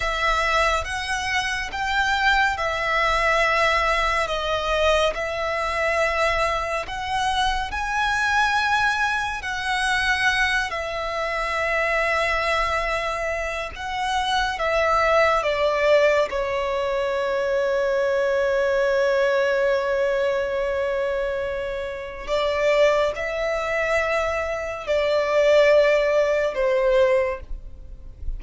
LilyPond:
\new Staff \with { instrumentName = "violin" } { \time 4/4 \tempo 4 = 70 e''4 fis''4 g''4 e''4~ | e''4 dis''4 e''2 | fis''4 gis''2 fis''4~ | fis''8 e''2.~ e''8 |
fis''4 e''4 d''4 cis''4~ | cis''1~ | cis''2 d''4 e''4~ | e''4 d''2 c''4 | }